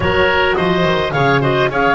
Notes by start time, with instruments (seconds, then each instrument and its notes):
0.00 double bass F#3, clarinet F#4 C#5, oboe A#4
0.55 double bass F3, oboe C5, clarinet D#5
0.84 double bass D#3
1.12 double bass C#3, clarinet G#4 F5, oboe C#5
1.41 clarinet F#4 D#5, oboe C5
1.69 double bass C#4, clarinet G#4 F5, oboe C#5